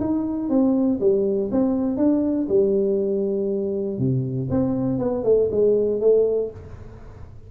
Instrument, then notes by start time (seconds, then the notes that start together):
tuba
0.00 D#4
0.49 C4
1.00 G3
1.52 C4
1.97 D4
2.48 G3
3.99 C3
4.50 C4
4.99 B3
5.24 A3
5.51 G#3
6.01 A3